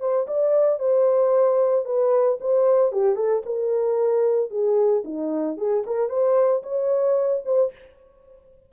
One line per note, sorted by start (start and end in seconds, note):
0.00 0.27 C5
0.28 0.79 D5
0.79 1.86 C5
1.86 2.39 B4
2.41 2.92 C5
2.92 3.16 G4
3.16 3.42 A4
3.46 4.50 A#4
4.50 5.03 G#4
5.05 5.57 D#4
5.57 5.84 G#4
5.87 6.09 A#4
6.09 6.63 C5
6.63 7.43 C#5
7.46 7.72 C5